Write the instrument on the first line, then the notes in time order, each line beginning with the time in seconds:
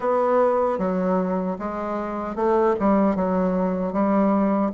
bassoon
0.00 B3
0.78 F#3
1.58 G#3
2.35 A3
2.79 G3
3.15 F#3
3.92 G3